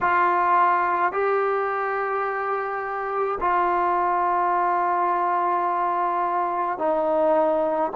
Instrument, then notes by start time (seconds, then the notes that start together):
trombone
0.00 F4
1.12 G4
3.40 F4
6.78 D#4